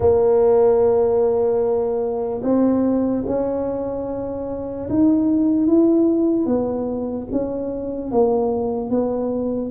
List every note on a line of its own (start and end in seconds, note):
0.00 2.41 A#3
2.43 3.24 C4
3.27 4.89 C#4
4.89 5.66 D#4
5.66 6.46 E4
6.46 7.27 B3
7.31 8.11 C#4
8.11 8.90 A#3
8.90 9.71 B3